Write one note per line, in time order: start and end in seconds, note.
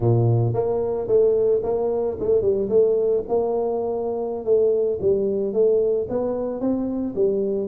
0.00 0.53 A#2
0.53 1.07 A#3
1.07 1.61 A3
1.63 2.17 A#3
2.19 2.41 A3
2.41 2.68 G3
2.69 3.23 A3
3.28 4.45 A#3
4.45 4.99 A3
5.01 5.53 G3
5.53 6.07 A3
6.09 6.60 B3
6.60 7.14 C4
7.15 7.68 G3